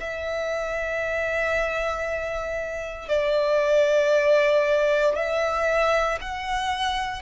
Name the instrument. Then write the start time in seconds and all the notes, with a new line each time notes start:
violin
0.00 E5
3.09 D5
5.15 E5
6.21 F#5